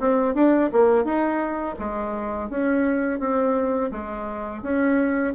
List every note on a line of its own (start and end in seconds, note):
0.00 0.35 C4
0.35 0.70 D4
0.72 1.05 A#3
1.05 1.76 D#4
1.79 2.50 G#3
2.50 3.20 C#4
3.20 3.91 C4
3.92 4.63 G#3
4.63 5.34 C#4